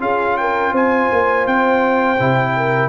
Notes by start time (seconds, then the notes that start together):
0.00 C#4 F4 G#4 F5
0.38 A#4 G5
0.71 C4 C5 G#5
1.12 A#3
1.47 C4 G5
2.20 C3 E4
2.56 A#4